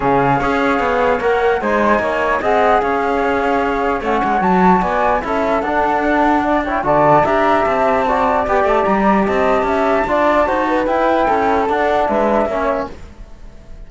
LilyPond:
<<
  \new Staff \with { instrumentName = "flute" } { \time 4/4 \tempo 4 = 149 f''2. fis''4 | gis''2 fis''4 f''4~ | f''2 fis''4 a''4 | gis''4 e''4 fis''2~ |
fis''8 g''8 a''4 ais''4 a''4~ | a''4 g''8 a''8 ais''4 a''4~ | a''2. g''4~ | g''4 fis''4 e''2 | }
  \new Staff \with { instrumentName = "flute" } { \time 4/4 gis'4 cis''2. | c''4 cis''4 dis''4 cis''4~ | cis''1 | d''4 a'2. |
d''8 cis''8 d''4 e''2 | d''2. dis''4 | e''4 d''4 c''8 b'4. | a'2 b'4 cis''4 | }
  \new Staff \with { instrumentName = "trombone" } { \time 4/4 cis'4 gis'2 ais'4 | dis'2 gis'2~ | gis'2 cis'4 fis'4~ | fis'4 e'4 d'2~ |
d'8 e'8 fis'4 g'2 | fis'4 g'2.~ | g'4 f'4 fis'4 e'4~ | e'4 d'2 cis'4 | }
  \new Staff \with { instrumentName = "cello" } { \time 4/4 cis4 cis'4 b4 ais4 | gis4 ais4 c'4 cis'4~ | cis'2 a8 gis8 fis4 | b4 cis'4 d'2~ |
d'4 d4 d'4 c'4~ | c'4 b8 a8 g4 c'4 | cis'4 d'4 dis'4 e'4 | cis'4 d'4 gis4 ais4 | }
>>